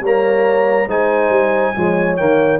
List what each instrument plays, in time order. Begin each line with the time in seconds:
0.00 tuba G3, trombone A#3, horn C#5, trumpet A#5
0.87 tuba G#3, trombone D#4, horn C5, trumpet G#5
1.29 tuba G3
1.75 tuba F3, trombone G#3, horn C#5
2.16 tuba D#3, trombone A#3, trumpet G5